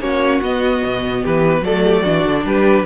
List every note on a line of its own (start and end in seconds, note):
0.00 0.41 A#3
0.00 0.42 C#4
0.00 1.22 F#4
0.00 0.41 C#5
0.41 0.82 B3
0.41 1.65 B3
0.41 1.24 D#5
0.84 1.25 B2
1.22 1.61 E3
1.22 1.63 G4
1.22 1.64 B4
1.61 2.02 F#3
1.61 2.04 A3
1.61 1.85 A4
1.61 2.45 D5
1.85 2.02 G4
2.02 2.25 E3
2.02 2.85 D4
2.02 2.42 F#4
2.25 2.45 D3
2.45 2.85 G3
2.45 2.86 G4
2.45 2.86 B4